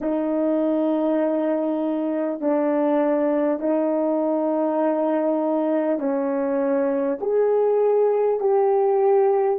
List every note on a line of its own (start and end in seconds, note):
0.00 2.40 D#4
2.40 3.59 D4
3.59 5.98 D#4
5.98 7.18 C#4
7.20 8.40 G#4
8.40 9.59 G4